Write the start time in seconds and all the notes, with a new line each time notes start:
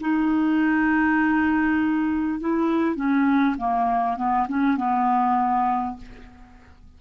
0.00 D#4
2.40 E4
2.96 C#4
3.57 A#3
4.17 B3
4.48 C#4
4.77 B3